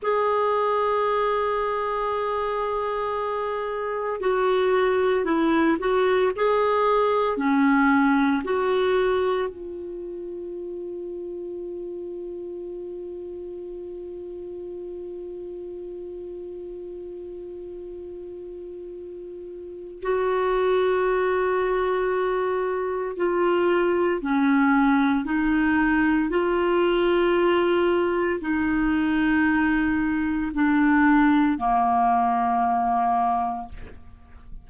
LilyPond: \new Staff \with { instrumentName = "clarinet" } { \time 4/4 \tempo 4 = 57 gis'1 | fis'4 e'8 fis'8 gis'4 cis'4 | fis'4 f'2.~ | f'1~ |
f'2. fis'4~ | fis'2 f'4 cis'4 | dis'4 f'2 dis'4~ | dis'4 d'4 ais2 | }